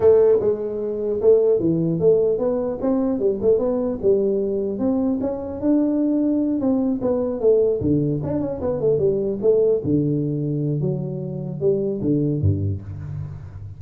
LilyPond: \new Staff \with { instrumentName = "tuba" } { \time 4/4 \tempo 4 = 150 a4 gis2 a4 | e4 a4 b4 c'4 | g8 a8 b4 g2 | c'4 cis'4 d'2~ |
d'8 c'4 b4 a4 d8~ | d8 d'8 cis'8 b8 a8 g4 a8~ | a8 d2~ d8 fis4~ | fis4 g4 d4 g,4 | }